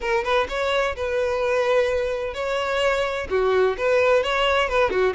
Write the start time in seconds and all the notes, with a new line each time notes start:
0.00 A#4
0.23 B4
0.48 C#5
0.95 B4
2.34 C#5
3.29 F#4
3.77 B4
4.23 C#5
4.69 B4
4.90 F#4